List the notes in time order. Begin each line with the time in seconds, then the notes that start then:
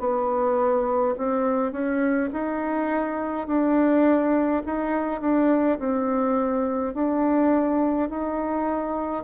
0.00 B3
1.18 C4
1.73 C#4
2.33 D#4
3.48 D4
4.66 D#4
5.21 D4
5.80 C4
6.94 D4
8.10 D#4